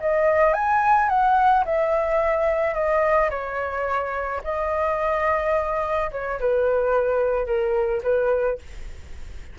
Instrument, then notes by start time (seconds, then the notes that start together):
flute
0.00 D#5
0.53 G#5
1.09 F#5
1.65 E5
2.74 D#5
3.30 C#5
4.44 D#5
6.11 C#5
6.40 B4
7.46 A#4
8.03 B4